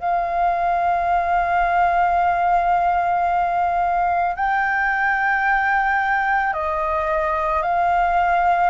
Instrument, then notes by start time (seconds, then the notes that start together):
flute
0.00 F5
4.36 G5
6.54 D#5
7.63 F5